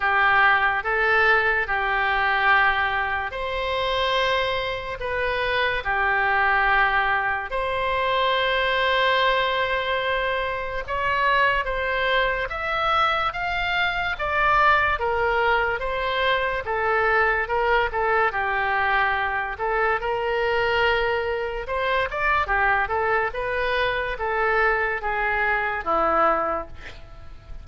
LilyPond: \new Staff \with { instrumentName = "oboe" } { \time 4/4 \tempo 4 = 72 g'4 a'4 g'2 | c''2 b'4 g'4~ | g'4 c''2.~ | c''4 cis''4 c''4 e''4 |
f''4 d''4 ais'4 c''4 | a'4 ais'8 a'8 g'4. a'8 | ais'2 c''8 d''8 g'8 a'8 | b'4 a'4 gis'4 e'4 | }